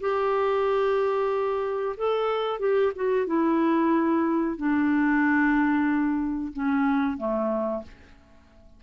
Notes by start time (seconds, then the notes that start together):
0.00 G4
1.97 A4
2.59 G4
2.95 F#4
3.26 E4
4.57 D4
6.52 C#4
7.17 A3